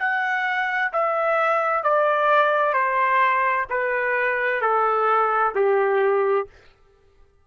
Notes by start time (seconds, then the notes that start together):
0.00 F#5
0.93 E5
1.84 D5
2.74 C5
3.70 B4
4.62 A4
5.56 G4